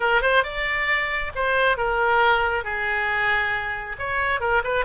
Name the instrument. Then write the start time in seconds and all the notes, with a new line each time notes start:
oboe
0.00 A#4
0.21 C5
0.43 D5
1.35 C5
1.77 A#4
2.64 G#4
3.98 C#5
4.40 A#4
4.63 B4